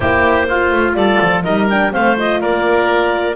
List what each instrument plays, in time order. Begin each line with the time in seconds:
0.00 double bass A#3, horn E4, oboe G4, clarinet C5
0.48 oboe F4, horn F4
0.71 double bass A3
0.94 double bass G3, oboe A4, clarinet D5
1.21 double bass F3
1.43 double bass G3, horn D#4, oboe A#4, clarinet D#5
1.69 horn D4, clarinet G5
1.91 double bass A3, horn C4, oboe C5, clarinet F5
2.16 horn F4, clarinet D#5
2.40 double bass A#3, oboe A#4, clarinet D5